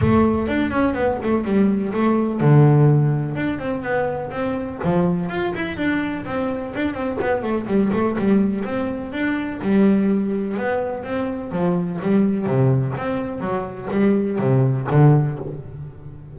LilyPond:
\new Staff \with { instrumentName = "double bass" } { \time 4/4 \tempo 4 = 125 a4 d'8 cis'8 b8 a8 g4 | a4 d2 d'8 c'8 | b4 c'4 f4 f'8 e'8 | d'4 c'4 d'8 c'8 b8 a8 |
g8 a8 g4 c'4 d'4 | g2 b4 c'4 | f4 g4 c4 c'4 | fis4 g4 c4 d4 | }